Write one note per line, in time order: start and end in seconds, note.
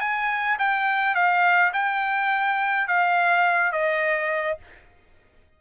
0.00 0.57 G#5
0.59 1.15 G5
1.15 1.72 F5
1.73 2.88 G5
2.88 3.72 F5
3.72 4.58 D#5